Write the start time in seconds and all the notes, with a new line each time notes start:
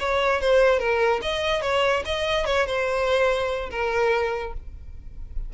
0.00 C#5
0.41 C5
0.80 A#4
1.22 D#5
1.62 C#5
2.06 D#5
2.46 C#5
2.67 C5
3.71 A#4